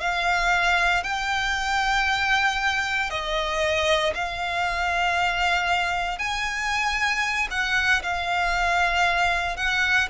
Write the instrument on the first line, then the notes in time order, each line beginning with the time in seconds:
violin
0.00 F5
1.03 G5
3.10 D#5
4.14 F5
6.18 G#5
7.50 F#5
8.02 F5
9.57 F#5